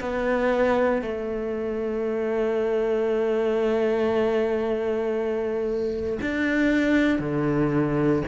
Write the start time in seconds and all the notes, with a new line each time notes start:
0.00 B3
1.02 A3
6.21 D4
7.19 D3